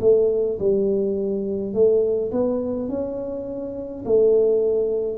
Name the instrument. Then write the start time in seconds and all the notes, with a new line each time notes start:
tuba
0.00 A3
0.59 G3
1.73 A3
2.31 B3
2.88 C#4
4.05 A3